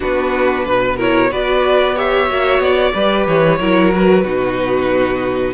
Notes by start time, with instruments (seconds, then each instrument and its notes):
0.00 cello B3, viola D4, violin F#4 B4
0.65 cello B2, violin B4
0.96 viola E4, violin A#4 C#5
1.30 cello B3, viola F#4, violin B4 D5
1.95 viola G4, violin C#5 E5
2.28 cello A#3, viola F#4
2.59 cello B3, violin D5
2.93 cello G3, viola G4, violin B4
3.27 cello E3, violin C#5
3.59 cello F#3, viola E4, violin A#4
3.92 viola F#4, violin B4
4.23 cello B2, viola D#4, violin F#4